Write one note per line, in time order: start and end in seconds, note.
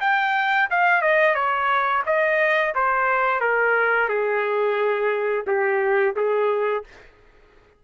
0.00 0.68 G5
0.70 1.01 F5
1.01 1.34 D#5
1.34 2.02 C#5
2.05 2.74 D#5
2.74 3.40 C5
3.40 4.08 A#4
4.08 5.45 G#4
5.46 6.15 G4
6.15 6.84 G#4